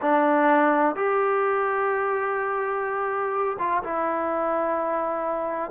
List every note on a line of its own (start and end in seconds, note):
0.01 0.95 D4
0.95 3.57 G4
3.58 3.82 F4
3.83 5.71 E4